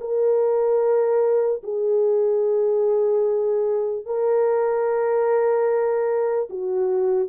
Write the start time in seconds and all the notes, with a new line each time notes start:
0.00 A#4
1.63 G#4
4.05 A#4
6.49 F#4